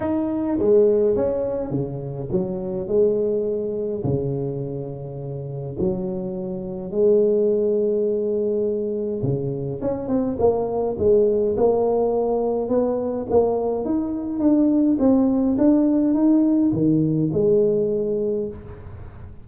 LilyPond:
\new Staff \with { instrumentName = "tuba" } { \time 4/4 \tempo 4 = 104 dis'4 gis4 cis'4 cis4 | fis4 gis2 cis4~ | cis2 fis2 | gis1 |
cis4 cis'8 c'8 ais4 gis4 | ais2 b4 ais4 | dis'4 d'4 c'4 d'4 | dis'4 dis4 gis2 | }